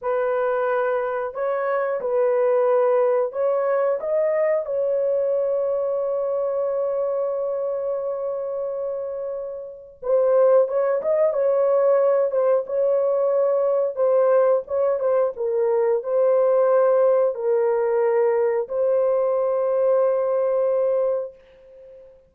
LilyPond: \new Staff \with { instrumentName = "horn" } { \time 4/4 \tempo 4 = 90 b'2 cis''4 b'4~ | b'4 cis''4 dis''4 cis''4~ | cis''1~ | cis''2. c''4 |
cis''8 dis''8 cis''4. c''8 cis''4~ | cis''4 c''4 cis''8 c''8 ais'4 | c''2 ais'2 | c''1 | }